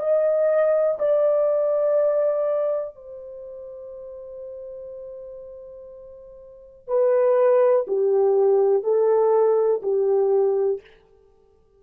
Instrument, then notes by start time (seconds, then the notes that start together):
horn
0.00 D#5
0.99 D5
2.96 C5
6.88 B4
7.87 G4
8.83 A4
9.83 G4